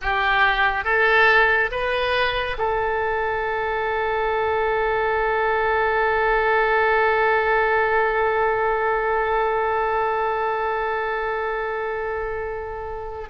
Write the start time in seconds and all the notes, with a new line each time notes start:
0.01 G4
0.84 A4
1.71 B4
2.58 A4